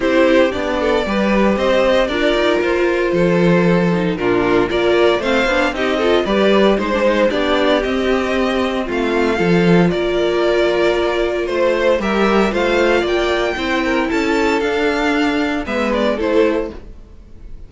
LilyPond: <<
  \new Staff \with { instrumentName = "violin" } { \time 4/4 \tempo 4 = 115 c''4 d''2 dis''4 | d''4 c''2. | ais'4 d''4 f''4 dis''4 | d''4 c''4 d''4 dis''4~ |
dis''4 f''2 d''4~ | d''2 c''4 e''4 | f''4 g''2 a''4 | f''2 e''8 d''8 c''4 | }
  \new Staff \with { instrumentName = "violin" } { \time 4/4 g'4. a'8 b'4 c''4 | ais'2 a'2 | f'4 ais'4 c''4 g'8 a'8 | b'4 c''4 g'2~ |
g'4 f'4 a'4 ais'4~ | ais'2 c''4 ais'4 | c''4 d''4 c''8 ais'8 a'4~ | a'2 b'4 a'4 | }
  \new Staff \with { instrumentName = "viola" } { \time 4/4 e'4 d'4 g'2 | f'2.~ f'8 dis'8 | d'4 f'4 c'8 d'8 dis'8 f'8 | g'4 dis'16 d'16 dis'8 d'4 c'4~ |
c'2 f'2~ | f'2. g'4 | f'2 e'2 | d'2 b4 e'4 | }
  \new Staff \with { instrumentName = "cello" } { \time 4/4 c'4 b4 g4 c'4 | d'8 dis'8 f'4 f2 | ais,4 ais4 a8 b8 c'4 | g4 gis4 b4 c'4~ |
c'4 a4 f4 ais4~ | ais2 a4 g4 | a4 ais4 c'4 cis'4 | d'2 gis4 a4 | }
>>